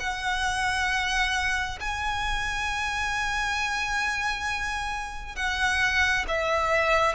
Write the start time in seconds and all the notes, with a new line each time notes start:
0.00 F#5
1.80 G#5
5.36 F#5
6.28 E5